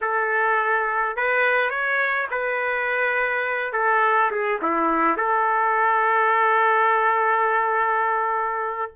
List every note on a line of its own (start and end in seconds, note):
0.01 1.16 A4
1.16 1.69 B4
1.69 2.27 C#5
2.30 3.73 B4
3.73 4.30 A4
4.31 4.60 G#4
4.62 5.16 E4
5.16 8.91 A4